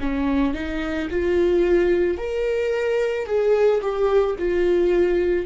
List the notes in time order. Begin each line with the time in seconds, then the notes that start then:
0.00 C#4
0.54 D#4
1.10 F4
2.17 A#4
3.26 G#4
3.81 G4
4.38 F4